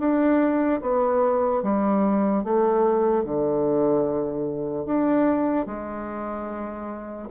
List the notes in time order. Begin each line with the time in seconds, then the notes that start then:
0.00 D4
0.82 B3
1.63 G3
2.44 A3
3.25 D3
4.86 D4
5.66 G#3